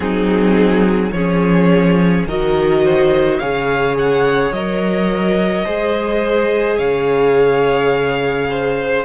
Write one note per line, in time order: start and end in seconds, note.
0.00 1.11 F#3
0.00 1.12 C4
0.00 1.14 D#4
0.00 1.11 G#4
1.11 2.25 F3
1.11 2.28 C#4
1.11 2.27 G#4
1.11 2.24 C#5
2.26 3.39 D#3
2.26 3.41 F#4
2.26 2.84 A#4
2.26 3.38 D#5
2.84 3.39 C5
3.38 4.51 C#3
3.38 4.54 G#4
3.38 5.64 C#5
3.38 3.95 F5
3.98 4.53 F#5
4.51 5.64 F#3
4.51 5.65 A#4
4.51 6.78 D#5
5.64 6.78 G#3
5.64 9.04 G#4
5.64 6.77 C5
6.77 9.04 C#3
6.77 8.47 C#5
6.77 9.04 F5
8.50 9.04 C5